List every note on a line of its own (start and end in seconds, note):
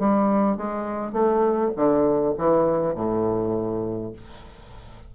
0.00 0.57 G3
0.57 1.13 G#3
1.13 1.72 A3
1.77 2.36 D3
2.38 2.95 E3
2.95 4.13 A2